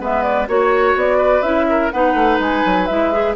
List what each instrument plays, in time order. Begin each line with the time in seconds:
0.00 bassoon G#3, clarinet B3, oboe B4, flute E5
0.23 flute D5
0.48 bassoon A#3, clarinet F#4, oboe C#5, flute C#5
0.95 bassoon B3, flute D5
1.18 oboe B4
1.42 bassoon C#4, clarinet E4, flute E5
1.70 oboe A#4
1.91 bassoon B3, clarinet D#4, oboe B4, flute F#5
2.14 bassoon A3
2.39 bassoon G#3, flute G#5
2.66 bassoon F#3
2.86 bassoon G#3, clarinet E4, flute E5
3.13 clarinet G#4